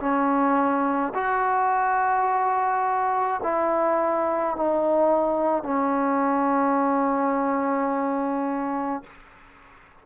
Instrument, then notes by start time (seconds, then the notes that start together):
trombone
0.00 C#4
1.14 F#4
3.43 E4
4.56 D#4
5.64 C#4